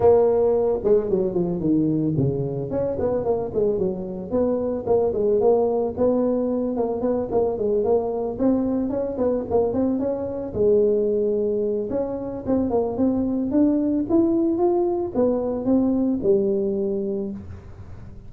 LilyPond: \new Staff \with { instrumentName = "tuba" } { \time 4/4 \tempo 4 = 111 ais4. gis8 fis8 f8 dis4 | cis4 cis'8 b8 ais8 gis8 fis4 | b4 ais8 gis8 ais4 b4~ | b8 ais8 b8 ais8 gis8 ais4 c'8~ |
c'8 cis'8 b8 ais8 c'8 cis'4 gis8~ | gis2 cis'4 c'8 ais8 | c'4 d'4 e'4 f'4 | b4 c'4 g2 | }